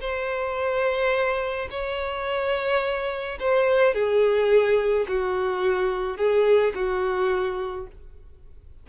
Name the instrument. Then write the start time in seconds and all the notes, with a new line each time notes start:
violin
0.00 C5
1.70 C#5
3.40 C5
3.94 G#4
5.08 F#4
6.17 G#4
6.74 F#4